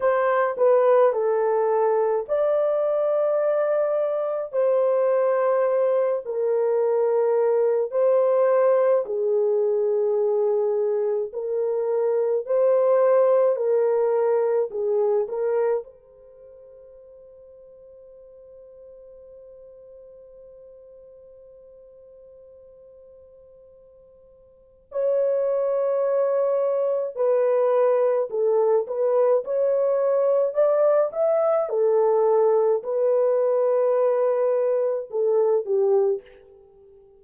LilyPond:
\new Staff \with { instrumentName = "horn" } { \time 4/4 \tempo 4 = 53 c''8 b'8 a'4 d''2 | c''4. ais'4. c''4 | gis'2 ais'4 c''4 | ais'4 gis'8 ais'8 c''2~ |
c''1~ | c''2 cis''2 | b'4 a'8 b'8 cis''4 d''8 e''8 | a'4 b'2 a'8 g'8 | }